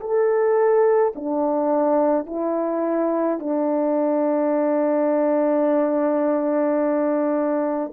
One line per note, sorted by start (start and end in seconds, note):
0.00 1.13 A4
1.15 2.26 D4
2.26 3.39 E4
3.39 7.92 D4